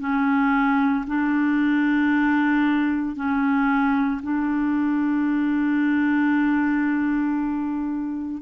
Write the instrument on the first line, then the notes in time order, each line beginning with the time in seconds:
clarinet
0.00 C#4
1.07 D4
3.16 C#4
4.23 D4